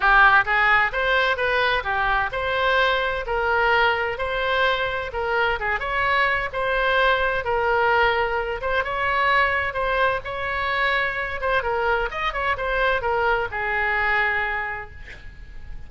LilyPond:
\new Staff \with { instrumentName = "oboe" } { \time 4/4 \tempo 4 = 129 g'4 gis'4 c''4 b'4 | g'4 c''2 ais'4~ | ais'4 c''2 ais'4 | gis'8 cis''4. c''2 |
ais'2~ ais'8 c''8 cis''4~ | cis''4 c''4 cis''2~ | cis''8 c''8 ais'4 dis''8 cis''8 c''4 | ais'4 gis'2. | }